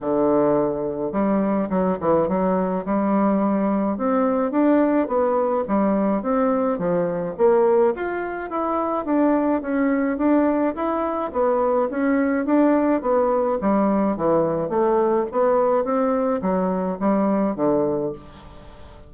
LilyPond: \new Staff \with { instrumentName = "bassoon" } { \time 4/4 \tempo 4 = 106 d2 g4 fis8 e8 | fis4 g2 c'4 | d'4 b4 g4 c'4 | f4 ais4 f'4 e'4 |
d'4 cis'4 d'4 e'4 | b4 cis'4 d'4 b4 | g4 e4 a4 b4 | c'4 fis4 g4 d4 | }